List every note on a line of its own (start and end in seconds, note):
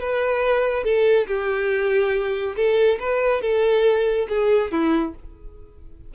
0.00 0.84 B4
0.84 1.27 A4
1.27 2.56 G4
2.56 2.99 A4
3.00 3.42 B4
3.42 4.27 A4
4.29 4.71 G#4
4.71 5.14 E4